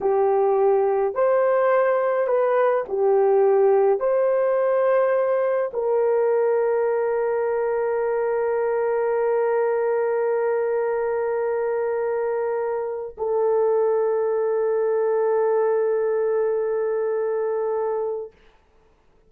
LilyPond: \new Staff \with { instrumentName = "horn" } { \time 4/4 \tempo 4 = 105 g'2 c''2 | b'4 g'2 c''4~ | c''2 ais'2~ | ais'1~ |
ais'1~ | ais'2. a'4~ | a'1~ | a'1 | }